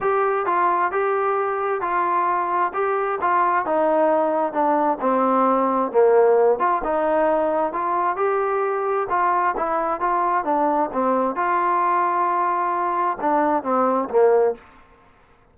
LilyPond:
\new Staff \with { instrumentName = "trombone" } { \time 4/4 \tempo 4 = 132 g'4 f'4 g'2 | f'2 g'4 f'4 | dis'2 d'4 c'4~ | c'4 ais4. f'8 dis'4~ |
dis'4 f'4 g'2 | f'4 e'4 f'4 d'4 | c'4 f'2.~ | f'4 d'4 c'4 ais4 | }